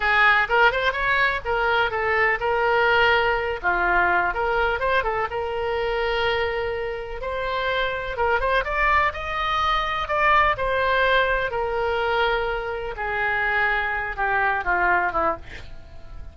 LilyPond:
\new Staff \with { instrumentName = "oboe" } { \time 4/4 \tempo 4 = 125 gis'4 ais'8 c''8 cis''4 ais'4 | a'4 ais'2~ ais'8 f'8~ | f'4 ais'4 c''8 a'8 ais'4~ | ais'2. c''4~ |
c''4 ais'8 c''8 d''4 dis''4~ | dis''4 d''4 c''2 | ais'2. gis'4~ | gis'4. g'4 f'4 e'8 | }